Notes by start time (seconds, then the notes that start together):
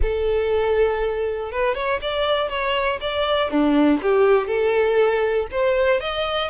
0.01 A4
1.51 B4
1.75 C#5
2.01 D5
2.49 C#5
3.00 D5
3.50 D4
4.01 G4
4.47 A4
5.51 C5
6.00 D#5